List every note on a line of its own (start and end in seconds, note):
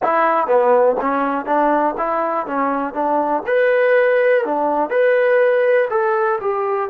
0.03 0.46 E4
0.46 0.96 B3
1.01 1.45 C#4
1.45 1.94 D4
1.97 2.46 E4
2.46 2.93 C#4
2.93 3.42 D4
3.46 4.44 B4
4.44 4.90 D4
4.90 5.88 B4
5.90 6.39 A4
6.40 6.89 G4